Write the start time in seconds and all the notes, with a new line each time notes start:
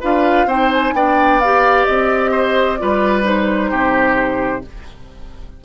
0.00 D4 F4 B4 F5
0.46 C4 D#4 C5 G5
0.73 G#5
0.93 B3 D4 D5 G5
1.40 G4 F5
1.85 C4 D#5
2.31 C5
2.77 G3 F4 B4 D5
3.23 D#4 C5
3.70 C3 G4